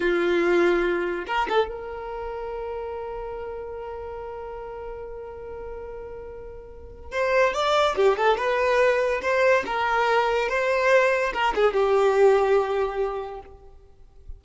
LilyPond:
\new Staff \with { instrumentName = "violin" } { \time 4/4 \tempo 4 = 143 f'2. ais'8 a'8 | ais'1~ | ais'1~ | ais'1~ |
ais'4 c''4 d''4 g'8 a'8 | b'2 c''4 ais'4~ | ais'4 c''2 ais'8 gis'8 | g'1 | }